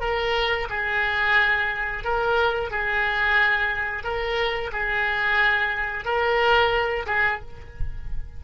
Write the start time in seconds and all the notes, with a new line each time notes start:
0.00 A#4
0.69 G#4
2.04 A#4
2.71 G#4
4.03 A#4
4.72 G#4
6.05 A#4
7.06 G#4